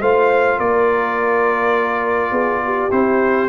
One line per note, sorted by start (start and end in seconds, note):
0.00 0.59 A3
0.00 2.90 F4
0.00 0.58 C5
0.00 0.59 F5
0.58 2.31 A#3
0.58 2.32 A#4
0.58 2.91 D5
2.31 2.90 B3
2.31 2.61 G#4
2.65 3.49 G4
2.90 3.49 C4
2.90 3.49 E4
2.90 3.49 C5